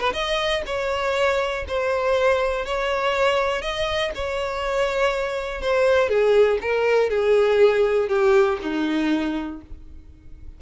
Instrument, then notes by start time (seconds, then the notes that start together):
violin
0.00 B4
0.13 D#5
0.66 C#5
1.68 C5
2.66 C#5
3.62 D#5
4.15 C#5
5.61 C5
6.09 G#4
6.62 A#4
7.10 G#4
8.08 G4
8.62 D#4